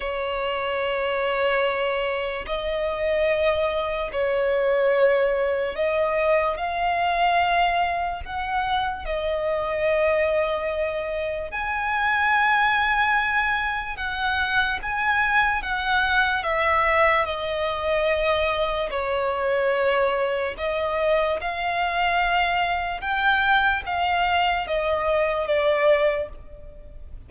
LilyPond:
\new Staff \with { instrumentName = "violin" } { \time 4/4 \tempo 4 = 73 cis''2. dis''4~ | dis''4 cis''2 dis''4 | f''2 fis''4 dis''4~ | dis''2 gis''2~ |
gis''4 fis''4 gis''4 fis''4 | e''4 dis''2 cis''4~ | cis''4 dis''4 f''2 | g''4 f''4 dis''4 d''4 | }